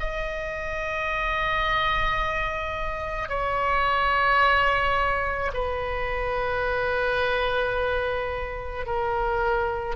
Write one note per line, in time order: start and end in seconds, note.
0.00 3.29 D#5
3.29 5.52 C#5
5.54 8.86 B4
8.86 9.96 A#4